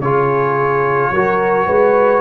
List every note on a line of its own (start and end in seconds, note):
0.00 1.11 C#3
0.00 1.15 F4
0.00 1.12 G#4
0.00 2.21 C#5
1.12 1.67 F#3
1.12 2.21 F#4
1.12 1.67 A#4
1.67 2.21 G#3
1.67 2.21 B4